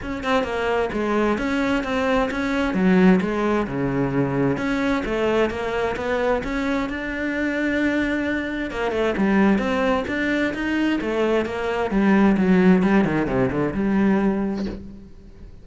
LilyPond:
\new Staff \with { instrumentName = "cello" } { \time 4/4 \tempo 4 = 131 cis'8 c'8 ais4 gis4 cis'4 | c'4 cis'4 fis4 gis4 | cis2 cis'4 a4 | ais4 b4 cis'4 d'4~ |
d'2. ais8 a8 | g4 c'4 d'4 dis'4 | a4 ais4 g4 fis4 | g8 dis8 c8 d8 g2 | }